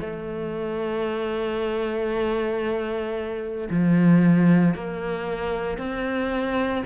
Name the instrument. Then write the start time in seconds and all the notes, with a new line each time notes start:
cello
0.00 A3
3.70 F3
4.75 A#3
5.78 C4